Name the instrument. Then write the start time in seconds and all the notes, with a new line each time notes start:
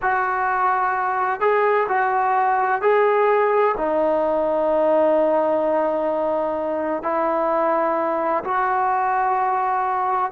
trombone
0.02 F#4
1.40 G#4
1.88 F#4
2.81 G#4
3.77 D#4
7.02 E4
8.44 F#4